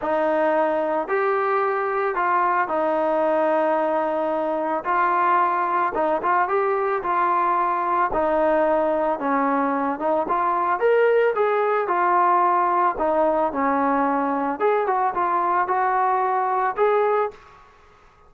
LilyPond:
\new Staff \with { instrumentName = "trombone" } { \time 4/4 \tempo 4 = 111 dis'2 g'2 | f'4 dis'2.~ | dis'4 f'2 dis'8 f'8 | g'4 f'2 dis'4~ |
dis'4 cis'4. dis'8 f'4 | ais'4 gis'4 f'2 | dis'4 cis'2 gis'8 fis'8 | f'4 fis'2 gis'4 | }